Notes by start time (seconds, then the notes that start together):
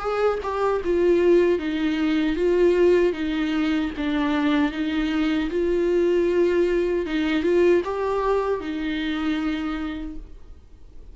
0.00 G#4
0.43 G4
0.85 F4
1.59 D#4
2.36 F4
3.13 D#4
3.97 D4
4.72 D#4
5.50 F4
7.06 D#4
7.43 F4
7.85 G4
8.60 D#4